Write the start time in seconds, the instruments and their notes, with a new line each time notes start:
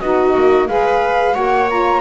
0.00 double bass B3, saxophone D#4, viola F#4, flute D#5
0.35 double bass A#3
0.68 double bass G#3, saxophone G#4, viola B4, flute F5
1.33 double bass A#3, saxophone F#4, viola C#5, flute F#5
1.69 saxophone F4, flute A#5